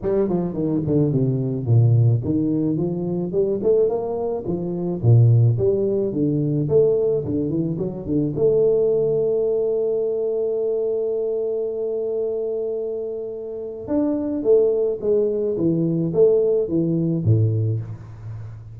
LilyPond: \new Staff \with { instrumentName = "tuba" } { \time 4/4 \tempo 4 = 108 g8 f8 dis8 d8 c4 ais,4 | dis4 f4 g8 a8 ais4 | f4 ais,4 g4 d4 | a4 d8 e8 fis8 d8 a4~ |
a1~ | a1~ | a4 d'4 a4 gis4 | e4 a4 e4 a,4 | }